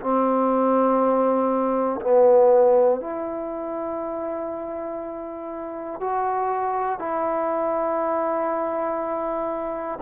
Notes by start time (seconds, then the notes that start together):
0.00 C4
2.01 B3
3.01 E4
6.00 F#4
6.99 E4